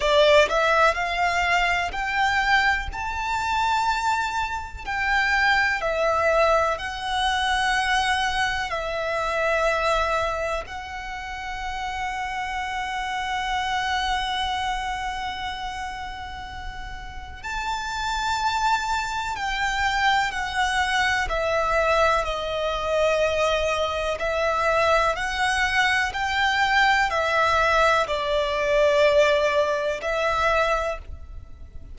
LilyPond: \new Staff \with { instrumentName = "violin" } { \time 4/4 \tempo 4 = 62 d''8 e''8 f''4 g''4 a''4~ | a''4 g''4 e''4 fis''4~ | fis''4 e''2 fis''4~ | fis''1~ |
fis''2 a''2 | g''4 fis''4 e''4 dis''4~ | dis''4 e''4 fis''4 g''4 | e''4 d''2 e''4 | }